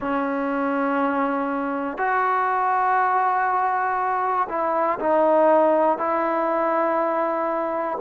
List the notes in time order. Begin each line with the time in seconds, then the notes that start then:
0.00 C#4
1.97 F#4
4.48 E4
4.99 D#4
5.97 E4